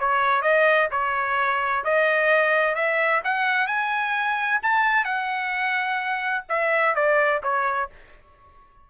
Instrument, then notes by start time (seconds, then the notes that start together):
trumpet
0.00 C#5
0.42 D#5
0.91 C#5
1.85 D#5
2.75 E5
3.24 F#5
3.67 G#5
4.63 A5
5.05 F#5
6.49 E5
6.95 D5
7.43 C#5